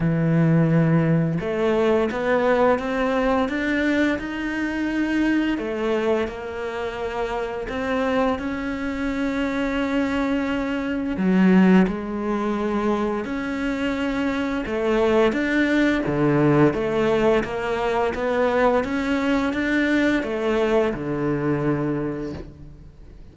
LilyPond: \new Staff \with { instrumentName = "cello" } { \time 4/4 \tempo 4 = 86 e2 a4 b4 | c'4 d'4 dis'2 | a4 ais2 c'4 | cis'1 |
fis4 gis2 cis'4~ | cis'4 a4 d'4 d4 | a4 ais4 b4 cis'4 | d'4 a4 d2 | }